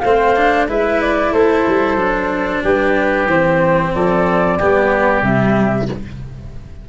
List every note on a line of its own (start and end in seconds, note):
0.00 0.69 A3
0.00 0.36 C4
0.00 0.69 C5
0.00 0.65 F5
0.36 0.68 D4
0.68 1.32 G#3
0.68 1.98 E4
0.68 1.33 B4
0.68 1.01 E5
1.01 1.34 D5
1.32 1.65 A3
1.32 2.63 A4
1.32 2.64 C5
1.67 1.95 G3
1.95 2.60 F#3
1.95 3.28 D4
2.63 3.26 G3
2.63 3.94 G4
2.63 3.29 B4
3.26 3.91 E3
3.26 4.59 C4
3.26 3.94 C5
3.94 4.61 F3
3.94 4.59 A4
3.94 5.24 D5
4.59 5.22 G3
4.59 5.23 B3
4.59 5.89 G4
5.22 5.87 C3
5.22 5.88 G3
5.22 5.89 E5